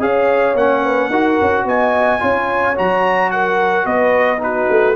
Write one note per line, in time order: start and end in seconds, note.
0.00 0.55 C#4
0.00 0.55 G#4
0.00 0.83 C#5
0.00 0.57 F5
0.55 1.10 A#3
0.55 1.12 C#4
0.55 1.67 F#5
0.83 1.09 B4
1.09 1.37 D#4
1.09 2.20 F#4
1.09 1.64 A#4
1.41 1.65 C#4
1.65 2.20 B3
1.65 2.21 D#5
1.65 2.78 G#5
2.20 2.78 C#4
2.20 2.75 F4
2.20 3.31 C#5
2.75 3.86 F#3
2.75 4.38 F#4
2.75 3.31 A#5
3.31 3.86 A#4
3.31 3.86 F#5
3.86 4.68 B3
3.86 4.41 B4
3.86 4.41 D#5
4.38 4.93 D#4
4.38 4.96 F#4
4.38 4.96 B4
4.70 4.96 A3